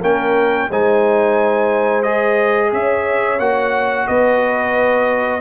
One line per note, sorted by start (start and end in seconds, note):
0.00 0.68 A#3
0.00 0.70 C#4
0.00 0.67 A#4
0.00 0.70 G5
0.70 2.72 G#3
0.70 2.04 D#4
0.70 2.72 C5
0.70 2.02 G#5
2.02 3.38 G#4
2.02 2.70 D#5
2.72 3.39 C#4
2.72 4.07 C#5
2.72 3.39 E5
3.39 4.06 A#3
3.39 5.40 F#4
3.39 4.07 F#5
4.07 5.40 B3
4.07 5.40 B4
4.07 5.40 D#5